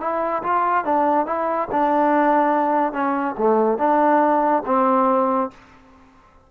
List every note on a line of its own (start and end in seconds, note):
0.00 0.42 E4
0.43 0.85 F4
0.85 1.26 D4
1.26 1.68 E4
1.71 2.93 D4
2.93 3.35 C#4
3.37 3.78 A3
3.78 4.63 D4
4.66 5.50 C4